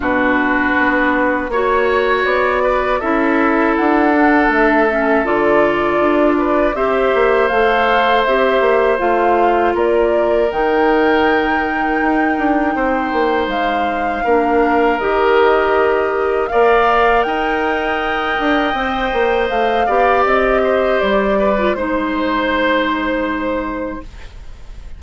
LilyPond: <<
  \new Staff \with { instrumentName = "flute" } { \time 4/4 \tempo 4 = 80 b'2 cis''4 d''4 | e''4 fis''4 e''4 d''4~ | d''4 e''4 f''4 e''4 | f''4 d''4 g''2~ |
g''2 f''2 | dis''2 f''4 g''4~ | g''2 f''4 dis''4 | d''4 c''2. | }
  \new Staff \with { instrumentName = "oboe" } { \time 4/4 fis'2 cis''4. b'8 | a'1~ | a'8 b'8 c''2.~ | c''4 ais'2.~ |
ais'4 c''2 ais'4~ | ais'2 d''4 dis''4~ | dis''2~ dis''8 d''4 c''8~ | c''8 b'8 c''2. | }
  \new Staff \with { instrumentName = "clarinet" } { \time 4/4 d'2 fis'2 | e'4. d'4 cis'8 f'4~ | f'4 g'4 a'4 g'4 | f'2 dis'2~ |
dis'2. d'4 | g'2 ais'2~ | ais'4 c''4. g'4.~ | g'8. f'16 dis'2. | }
  \new Staff \with { instrumentName = "bassoon" } { \time 4/4 b,4 b4 ais4 b4 | cis'4 d'4 a4 d4 | d'4 c'8 ais8 a4 c'8 ais8 | a4 ais4 dis2 |
dis'8 d'8 c'8 ais8 gis4 ais4 | dis2 ais4 dis'4~ | dis'8 d'8 c'8 ais8 a8 b8 c'4 | g4 gis2. | }
>>